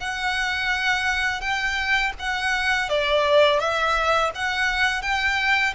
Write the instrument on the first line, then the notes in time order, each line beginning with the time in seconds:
violin
0.00 F#5
1.41 G5
2.19 F#5
2.90 D5
3.60 E5
4.35 F#5
5.02 G5